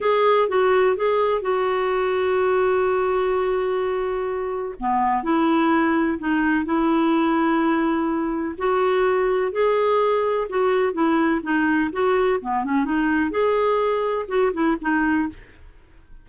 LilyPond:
\new Staff \with { instrumentName = "clarinet" } { \time 4/4 \tempo 4 = 126 gis'4 fis'4 gis'4 fis'4~ | fis'1~ | fis'2 b4 e'4~ | e'4 dis'4 e'2~ |
e'2 fis'2 | gis'2 fis'4 e'4 | dis'4 fis'4 b8 cis'8 dis'4 | gis'2 fis'8 e'8 dis'4 | }